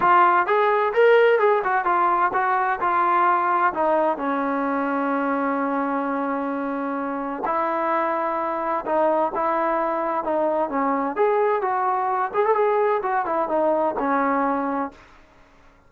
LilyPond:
\new Staff \with { instrumentName = "trombone" } { \time 4/4 \tempo 4 = 129 f'4 gis'4 ais'4 gis'8 fis'8 | f'4 fis'4 f'2 | dis'4 cis'2.~ | cis'1 |
e'2. dis'4 | e'2 dis'4 cis'4 | gis'4 fis'4. gis'16 a'16 gis'4 | fis'8 e'8 dis'4 cis'2 | }